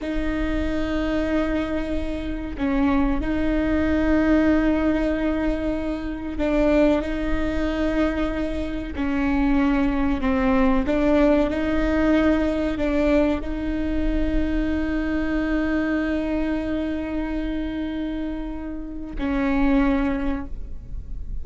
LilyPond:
\new Staff \with { instrumentName = "viola" } { \time 4/4 \tempo 4 = 94 dis'1 | cis'4 dis'2.~ | dis'2 d'4 dis'4~ | dis'2 cis'2 |
c'4 d'4 dis'2 | d'4 dis'2.~ | dis'1~ | dis'2 cis'2 | }